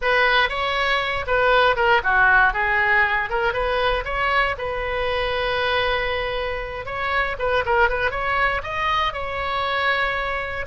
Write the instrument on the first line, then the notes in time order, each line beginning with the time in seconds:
oboe
0.01 B4
0.49 C#5
1.27 B4
1.76 A#4
2.03 F#4
2.53 G#4
3.29 A#4
3.53 B4
4.04 C#5
4.57 B4
6.85 C#5
7.38 B4
7.65 A#4
7.89 B4
8.10 C#5
8.63 D#5
9.13 C#5